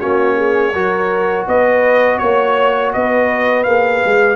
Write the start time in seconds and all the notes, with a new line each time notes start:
0.00 A#3 C#4 F#4 C#5
0.36 G#4
0.73 F#3 F#4 A#4
1.48 B3 B4 D#5
2.19 A#3 C#5
2.93 B3 B4 D#5
3.64 A#3 G#4 F5
4.05 G#3